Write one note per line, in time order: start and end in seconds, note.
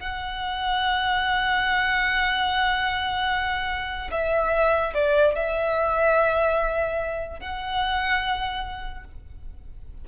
0.00 4.11 F#5
4.12 4.94 E5
4.94 5.35 D5
5.35 7.40 E5
7.40 9.05 F#5